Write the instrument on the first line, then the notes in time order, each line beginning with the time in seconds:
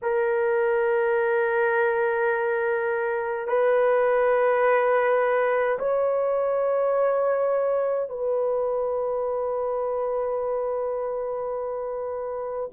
horn
0.02 A#4
3.47 B4
5.78 C#5
8.09 B4